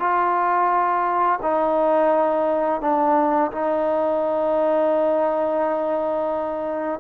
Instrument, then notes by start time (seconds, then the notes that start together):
trombone
0.00 F4
1.43 D#4
2.82 D4
3.52 D#4